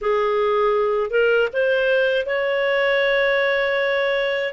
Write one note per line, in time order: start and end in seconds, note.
0.01 1.10 G#4
1.10 1.48 A#4
1.53 2.25 C5
2.25 4.53 C#5